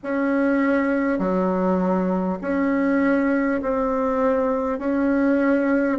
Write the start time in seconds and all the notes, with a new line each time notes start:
0.03 C#4
1.18 F#3
2.41 C#4
3.62 C4
4.78 C#4